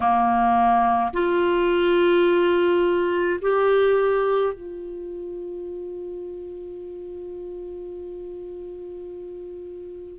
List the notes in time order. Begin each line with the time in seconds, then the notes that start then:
0.00 A#3
1.13 F4
3.41 G4
4.53 F4